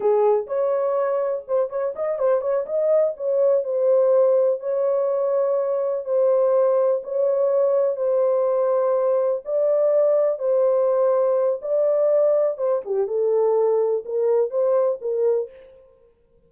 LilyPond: \new Staff \with { instrumentName = "horn" } { \time 4/4 \tempo 4 = 124 gis'4 cis''2 c''8 cis''8 | dis''8 c''8 cis''8 dis''4 cis''4 c''8~ | c''4. cis''2~ cis''8~ | cis''8 c''2 cis''4.~ |
cis''8 c''2. d''8~ | d''4. c''2~ c''8 | d''2 c''8 g'8 a'4~ | a'4 ais'4 c''4 ais'4 | }